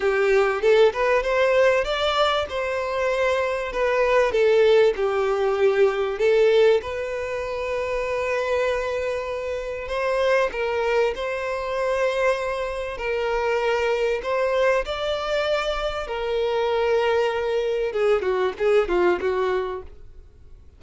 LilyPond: \new Staff \with { instrumentName = "violin" } { \time 4/4 \tempo 4 = 97 g'4 a'8 b'8 c''4 d''4 | c''2 b'4 a'4 | g'2 a'4 b'4~ | b'1 |
c''4 ais'4 c''2~ | c''4 ais'2 c''4 | d''2 ais'2~ | ais'4 gis'8 fis'8 gis'8 f'8 fis'4 | }